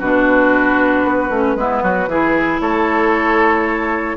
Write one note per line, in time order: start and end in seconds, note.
0.00 1.05 B2
0.00 1.32 D4
0.00 1.57 F#4
0.00 2.61 B4
1.05 1.30 B3
1.30 1.56 A3
1.30 1.58 C#4
1.56 1.82 G#3
1.56 2.10 B3
1.56 1.83 E4
1.83 2.08 F#3
1.83 2.09 F#4
2.08 2.60 E3
2.08 4.18 E4
2.08 2.62 G#4
2.61 4.17 A3
2.61 4.18 A4
2.61 4.17 C#5